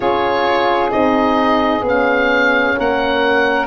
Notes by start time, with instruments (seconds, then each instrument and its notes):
0.00 tuba C#4, horn F4, saxophone G#4, oboe C#5
0.91 tuba C4, horn D#4, oboe D#5
1.81 tuba B3, horn C#4
1.88 oboe F5
2.76 tuba A#3, saxophone A#4, oboe F#5